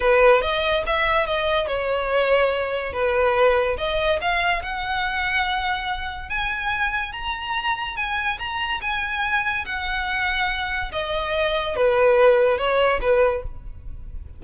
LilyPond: \new Staff \with { instrumentName = "violin" } { \time 4/4 \tempo 4 = 143 b'4 dis''4 e''4 dis''4 | cis''2. b'4~ | b'4 dis''4 f''4 fis''4~ | fis''2. gis''4~ |
gis''4 ais''2 gis''4 | ais''4 gis''2 fis''4~ | fis''2 dis''2 | b'2 cis''4 b'4 | }